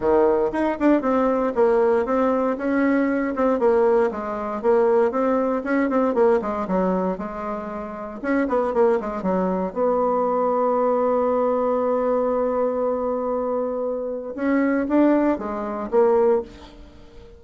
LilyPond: \new Staff \with { instrumentName = "bassoon" } { \time 4/4 \tempo 4 = 117 dis4 dis'8 d'8 c'4 ais4 | c'4 cis'4. c'8 ais4 | gis4 ais4 c'4 cis'8 c'8 | ais8 gis8 fis4 gis2 |
cis'8 b8 ais8 gis8 fis4 b4~ | b1~ | b1 | cis'4 d'4 gis4 ais4 | }